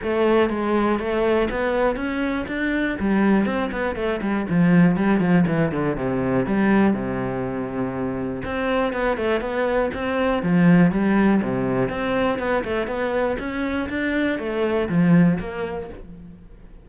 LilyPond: \new Staff \with { instrumentName = "cello" } { \time 4/4 \tempo 4 = 121 a4 gis4 a4 b4 | cis'4 d'4 g4 c'8 b8 | a8 g8 f4 g8 f8 e8 d8 | c4 g4 c2~ |
c4 c'4 b8 a8 b4 | c'4 f4 g4 c4 | c'4 b8 a8 b4 cis'4 | d'4 a4 f4 ais4 | }